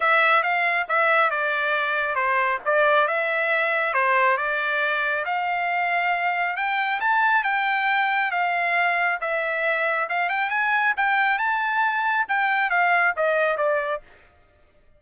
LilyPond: \new Staff \with { instrumentName = "trumpet" } { \time 4/4 \tempo 4 = 137 e''4 f''4 e''4 d''4~ | d''4 c''4 d''4 e''4~ | e''4 c''4 d''2 | f''2. g''4 |
a''4 g''2 f''4~ | f''4 e''2 f''8 g''8 | gis''4 g''4 a''2 | g''4 f''4 dis''4 d''4 | }